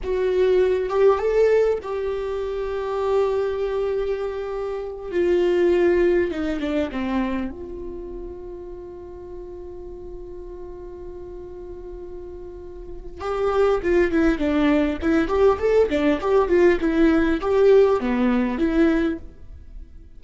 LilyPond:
\new Staff \with { instrumentName = "viola" } { \time 4/4 \tempo 4 = 100 fis'4. g'8 a'4 g'4~ | g'1~ | g'8 f'2 dis'8 d'8 c'8~ | c'8 f'2.~ f'8~ |
f'1~ | f'2 g'4 f'8 e'8 | d'4 e'8 g'8 a'8 d'8 g'8 f'8 | e'4 g'4 b4 e'4 | }